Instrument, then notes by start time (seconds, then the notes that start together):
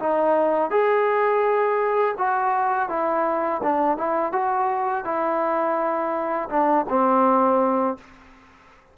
trombone
0.00 D#4
0.71 G#4
2.18 F#4
2.89 E4
3.64 D4
3.98 E4
4.33 F#4
5.05 E4
6.50 D4
6.90 C4